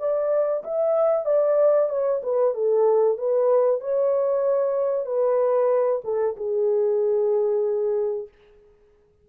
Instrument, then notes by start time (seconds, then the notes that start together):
horn
0.00 D5
0.64 E5
1.26 D5
1.90 C#5
2.23 B4
2.55 A4
3.18 B4
3.81 C#5
5.06 B4
6.04 A4
6.37 G#4